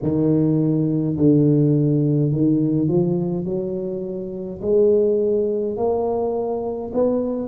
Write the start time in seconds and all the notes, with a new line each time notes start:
0.02 D#3
1.16 D3
2.32 D#3
2.87 F3
3.45 F#3
4.62 G#3
5.76 A#3
6.93 B3